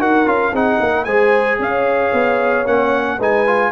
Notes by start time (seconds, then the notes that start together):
0.00 D#4 F#4 A#4 F#5
0.26 C#4 F4 F5
0.53 C4 D#4 G#4 F#5
0.80 A#3 A#4
1.05 G#3 G#4 C5 G#5
1.59 C#4 C#5 F5
2.13 B3
2.66 A#3 C#4 F#5
3.18 G#3 D#4 B4 G#5
3.47 F4